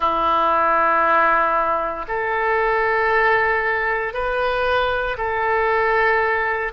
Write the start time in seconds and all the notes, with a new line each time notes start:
0.00 E4
2.07 A4
4.13 B4
5.17 A4